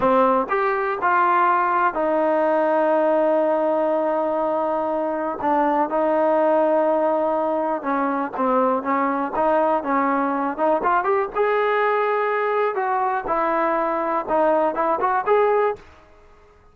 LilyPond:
\new Staff \with { instrumentName = "trombone" } { \time 4/4 \tempo 4 = 122 c'4 g'4 f'2 | dis'1~ | dis'2. d'4 | dis'1 |
cis'4 c'4 cis'4 dis'4 | cis'4. dis'8 f'8 g'8 gis'4~ | gis'2 fis'4 e'4~ | e'4 dis'4 e'8 fis'8 gis'4 | }